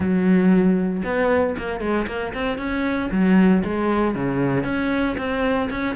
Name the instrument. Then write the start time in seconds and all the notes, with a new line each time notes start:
cello
0.00 F#3
1.04 B3
1.58 A#3
1.80 G#3
2.07 A#3
2.33 C4
2.57 C#4
3.11 F#3
3.63 G#3
4.14 C#3
4.64 C#4
5.17 C4
5.70 C#4